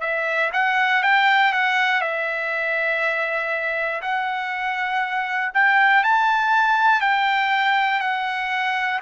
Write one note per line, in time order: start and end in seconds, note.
0.00 0.50 E5
0.53 1.03 F#5
1.03 1.52 G5
1.52 2.01 F#5
2.01 4.01 E5
4.01 5.51 F#5
5.54 6.03 G5
6.03 7.01 A5
7.01 8.00 G5
8.00 9.00 F#5